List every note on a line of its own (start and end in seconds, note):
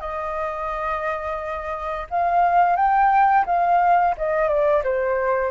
0.00 2.07 D#5
2.10 2.76 F5
2.76 3.45 G5
3.46 4.15 F5
4.17 4.48 D#5
4.48 4.82 D5
4.84 5.51 C5